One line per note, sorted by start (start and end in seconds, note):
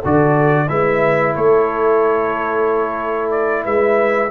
0.00 0.69 D3
0.00 0.67 F#4
0.00 0.66 A4
0.00 0.69 D5
0.67 1.35 G#3
0.67 4.30 E4
0.67 1.35 B4
0.67 1.34 E5
1.35 3.66 A3
1.35 3.64 A4
1.35 3.30 C#5
3.30 3.63 D5
3.64 4.31 G#3
3.64 4.30 B4
3.64 4.31 E5